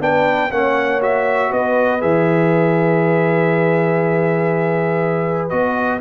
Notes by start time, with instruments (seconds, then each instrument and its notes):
0.00 tuba B3, trombone D4, horn B4, trumpet G5
0.51 tuba A#3, trombone C#4, horn C#5, trumpet F#5
1.01 trombone F#4, trumpet E5
1.50 tuba B3, horn B4, trumpet D#5
2.00 tuba E3, trombone G#4, trumpet E5
5.49 tuba B3, trombone F#4, trumpet D#5